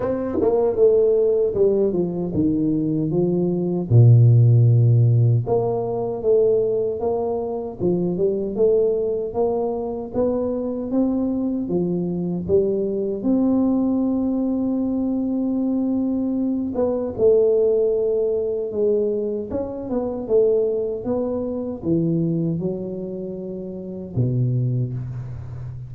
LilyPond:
\new Staff \with { instrumentName = "tuba" } { \time 4/4 \tempo 4 = 77 c'8 ais8 a4 g8 f8 dis4 | f4 ais,2 ais4 | a4 ais4 f8 g8 a4 | ais4 b4 c'4 f4 |
g4 c'2.~ | c'4. b8 a2 | gis4 cis'8 b8 a4 b4 | e4 fis2 b,4 | }